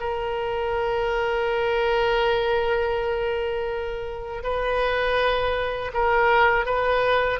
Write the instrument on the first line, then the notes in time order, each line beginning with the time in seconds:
oboe
0.00 A#4
4.43 B4
5.94 A#4
6.66 B4